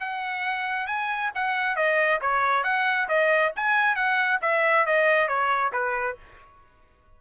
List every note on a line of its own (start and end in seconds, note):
0.00 0.87 F#5
0.87 1.31 G#5
1.35 1.76 F#5
1.76 2.20 D#5
2.21 2.64 C#5
2.64 3.08 F#5
3.08 3.52 D#5
3.56 3.95 G#5
3.95 4.40 F#5
4.42 4.86 E5
4.86 5.28 D#5
5.28 5.72 C#5
5.72 6.16 B4